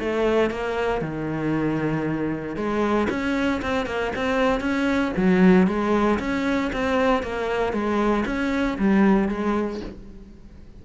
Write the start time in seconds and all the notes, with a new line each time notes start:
0.00 A3
0.51 A#3
1.02 D#3
2.57 G#3
3.10 C#4
3.63 C4
3.87 A#3
4.16 C4
4.61 C#4
5.17 F#3
5.68 G#3
6.20 C#4
6.73 C4
7.23 A#3
7.73 G#3
8.26 C#4
8.79 G3
9.29 G#3